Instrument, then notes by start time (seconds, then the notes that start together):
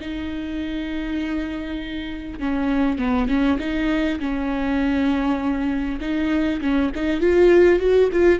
viola
0.00 D#4
2.39 C#4
2.98 B3
3.28 C#4
3.59 D#4
4.19 C#4
6.01 D#4
6.61 C#4
6.95 D#4
7.20 F4
7.79 F#4
8.12 F4